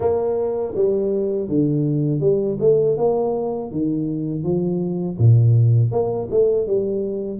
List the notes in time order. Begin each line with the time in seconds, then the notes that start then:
0.00 A#3
0.75 G3
1.48 D3
2.20 G3
2.60 A3
2.97 A#3
3.71 D#3
4.43 F3
5.18 A#2
5.91 A#3
6.30 A3
6.67 G3